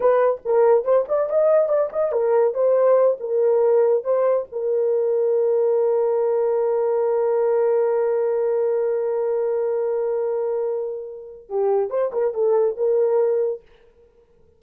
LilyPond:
\new Staff \with { instrumentName = "horn" } { \time 4/4 \tempo 4 = 141 b'4 ais'4 c''8 d''8 dis''4 | d''8 dis''8 ais'4 c''4. ais'8~ | ais'4. c''4 ais'4.~ | ais'1~ |
ais'1~ | ais'1~ | ais'2. g'4 | c''8 ais'8 a'4 ais'2 | }